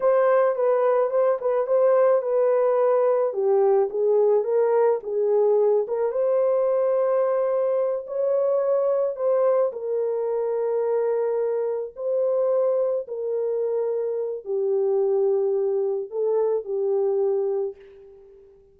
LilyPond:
\new Staff \with { instrumentName = "horn" } { \time 4/4 \tempo 4 = 108 c''4 b'4 c''8 b'8 c''4 | b'2 g'4 gis'4 | ais'4 gis'4. ais'8 c''4~ | c''2~ c''8 cis''4.~ |
cis''8 c''4 ais'2~ ais'8~ | ais'4. c''2 ais'8~ | ais'2 g'2~ | g'4 a'4 g'2 | }